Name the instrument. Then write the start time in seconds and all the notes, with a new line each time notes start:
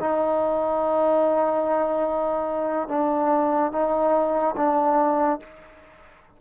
trombone
0.00 D#4
2.88 D4
3.72 D#4
4.57 D4